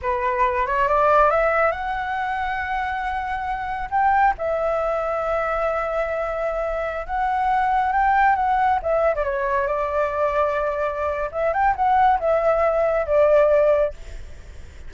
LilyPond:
\new Staff \with { instrumentName = "flute" } { \time 4/4 \tempo 4 = 138 b'4. cis''8 d''4 e''4 | fis''1~ | fis''4 g''4 e''2~ | e''1~ |
e''16 fis''2 g''4 fis''8.~ | fis''16 e''8. d''16 cis''4 d''4.~ d''16~ | d''2 e''8 g''8 fis''4 | e''2 d''2 | }